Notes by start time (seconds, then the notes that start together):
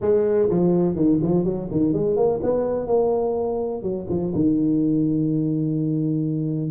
0.01 G#3
0.49 F3
0.95 D#3
1.22 F3
1.44 F#3
1.71 D#3
1.93 G#3
2.16 A#3
2.43 B3
2.86 A#3
3.82 F#3
4.09 F3
4.34 D#3